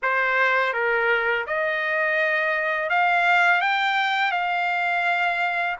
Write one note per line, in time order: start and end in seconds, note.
0.02 0.73 C5
0.73 1.45 A#4
1.47 2.89 D#5
2.89 3.61 F5
3.61 4.31 G5
4.31 5.76 F5